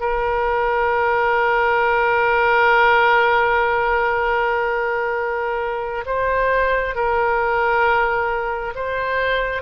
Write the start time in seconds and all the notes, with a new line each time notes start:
0.00 A#4
6.06 C5
6.95 A#4
8.75 C5